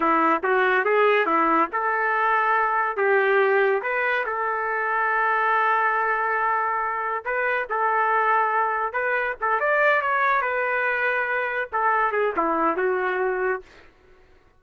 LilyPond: \new Staff \with { instrumentName = "trumpet" } { \time 4/4 \tempo 4 = 141 e'4 fis'4 gis'4 e'4 | a'2. g'4~ | g'4 b'4 a'2~ | a'1~ |
a'4 b'4 a'2~ | a'4 b'4 a'8 d''4 cis''8~ | cis''8 b'2. a'8~ | a'8 gis'8 e'4 fis'2 | }